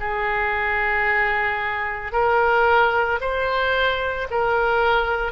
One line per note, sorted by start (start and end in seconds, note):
0.00 2.12 G#4
2.12 3.19 A#4
3.21 4.28 C5
4.31 5.32 A#4